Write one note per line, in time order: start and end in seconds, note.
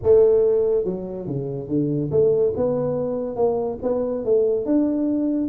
0.02 0.84 A3
0.84 1.26 F#3
1.26 1.68 C#3
1.68 2.10 D3
2.11 2.53 A3
2.56 3.36 B3
3.36 3.78 A#3
3.82 4.24 B3
4.24 4.65 A3
4.65 5.48 D4